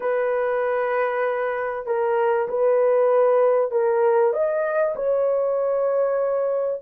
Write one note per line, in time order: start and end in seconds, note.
0.00 1.86 B4
1.86 2.47 A#4
2.48 3.71 B4
3.71 4.33 A#4
4.33 4.95 D#5
4.95 6.81 C#5